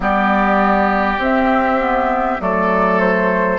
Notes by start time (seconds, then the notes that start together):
0.00 G3 B3 G4 D5
1.18 C4 E5
1.79 B3
2.39 F#3 A3 A4 D5
2.99 C5